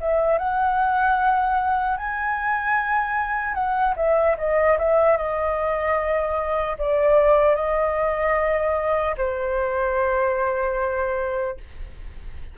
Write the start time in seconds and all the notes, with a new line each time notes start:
0.00 E5
0.38 F#5
1.97 G#5
3.54 F#5
3.96 E5
4.37 D#5
4.78 E5
5.17 D#5
6.78 D5
7.55 D#5
9.17 C5